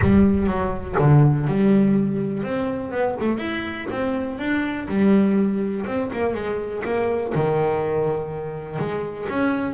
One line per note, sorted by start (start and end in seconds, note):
0.01 0.46 G3
0.46 0.95 F#3
0.98 1.47 D3
1.47 2.43 G3
2.43 2.91 C4
2.91 3.15 B3
3.20 3.38 A3
3.38 3.86 E4
3.90 4.39 C4
4.39 4.87 D4
4.88 5.85 G3
5.86 6.10 C4
6.13 6.34 A#3
6.34 6.82 G#3
6.84 7.33 A#3
7.34 8.78 D#3
8.78 9.27 G#3
9.29 9.74 C#4